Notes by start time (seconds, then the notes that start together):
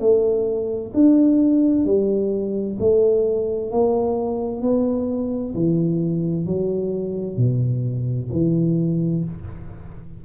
0.00 A3
0.94 D4
1.85 G3
2.79 A3
3.71 A#3
4.62 B3
5.55 E3
6.46 F#3
7.37 B2
8.32 E3